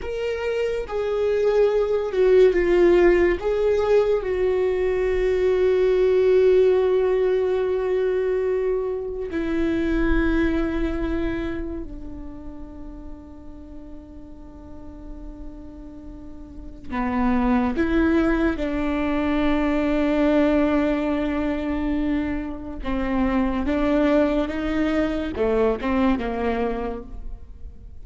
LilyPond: \new Staff \with { instrumentName = "viola" } { \time 4/4 \tempo 4 = 71 ais'4 gis'4. fis'8 f'4 | gis'4 fis'2.~ | fis'2. e'4~ | e'2 d'2~ |
d'1 | b4 e'4 d'2~ | d'2. c'4 | d'4 dis'4 a8 c'8 ais4 | }